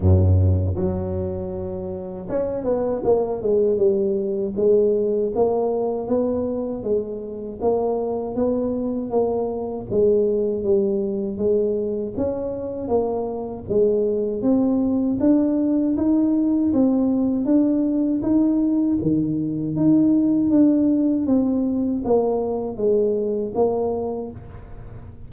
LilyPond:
\new Staff \with { instrumentName = "tuba" } { \time 4/4 \tempo 4 = 79 fis,4 fis2 cis'8 b8 | ais8 gis8 g4 gis4 ais4 | b4 gis4 ais4 b4 | ais4 gis4 g4 gis4 |
cis'4 ais4 gis4 c'4 | d'4 dis'4 c'4 d'4 | dis'4 dis4 dis'4 d'4 | c'4 ais4 gis4 ais4 | }